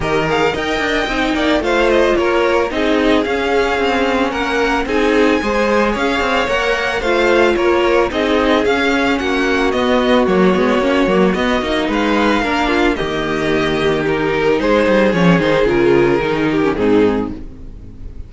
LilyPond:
<<
  \new Staff \with { instrumentName = "violin" } { \time 4/4 \tempo 4 = 111 dis''8 f''8 g''2 f''8 dis''8 | cis''4 dis''4 f''2 | fis''4 gis''2 f''4 | fis''4 f''4 cis''4 dis''4 |
f''4 fis''4 dis''4 cis''4~ | cis''4 dis''4 f''2 | dis''2 ais'4 c''4 | cis''8 c''8 ais'2 gis'4 | }
  \new Staff \with { instrumentName = "violin" } { \time 4/4 ais'4 dis''4. d''8 c''4 | ais'4 gis'2. | ais'4 gis'4 c''4 cis''4~ | cis''4 c''4 ais'4 gis'4~ |
gis'4 fis'2.~ | fis'2 b'4 ais'8 f'8 | g'2. gis'4~ | gis'2~ gis'8 g'8 dis'4 | }
  \new Staff \with { instrumentName = "viola" } { \time 4/4 g'8 gis'8 ais'4 dis'4 f'4~ | f'4 dis'4 cis'2~ | cis'4 dis'4 gis'2 | ais'4 f'2 dis'4 |
cis'2 b4 ais8 b8 | cis'8 ais8 b8 dis'4. d'4 | ais2 dis'2 | cis'8 dis'8 f'4 dis'8. cis'16 c'4 | }
  \new Staff \with { instrumentName = "cello" } { \time 4/4 dis4 dis'8 d'8 c'8 ais8 a4 | ais4 c'4 cis'4 c'4 | ais4 c'4 gis4 cis'8 c'8 | ais4 a4 ais4 c'4 |
cis'4 ais4 b4 fis8 gis8 | ais8 fis8 b8 ais8 gis4 ais4 | dis2. gis8 g8 | f8 dis8 cis4 dis4 gis,4 | }
>>